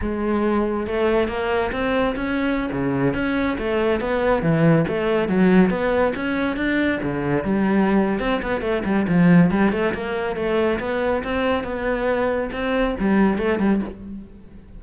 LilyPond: \new Staff \with { instrumentName = "cello" } { \time 4/4 \tempo 4 = 139 gis2 a4 ais4 | c'4 cis'4~ cis'16 cis4 cis'8.~ | cis'16 a4 b4 e4 a8.~ | a16 fis4 b4 cis'4 d'8.~ |
d'16 d4 g4.~ g16 c'8 b8 | a8 g8 f4 g8 a8 ais4 | a4 b4 c'4 b4~ | b4 c'4 g4 a8 g8 | }